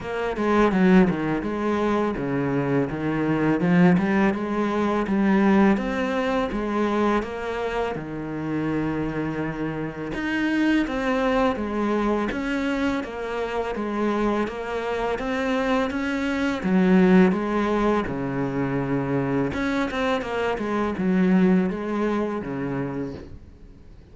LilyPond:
\new Staff \with { instrumentName = "cello" } { \time 4/4 \tempo 4 = 83 ais8 gis8 fis8 dis8 gis4 cis4 | dis4 f8 g8 gis4 g4 | c'4 gis4 ais4 dis4~ | dis2 dis'4 c'4 |
gis4 cis'4 ais4 gis4 | ais4 c'4 cis'4 fis4 | gis4 cis2 cis'8 c'8 | ais8 gis8 fis4 gis4 cis4 | }